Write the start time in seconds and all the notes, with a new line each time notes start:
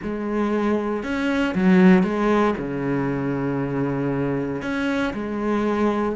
0.02 G#3
1.03 C#4
1.54 F#3
2.03 G#3
2.58 C#3
4.62 C#4
5.13 G#3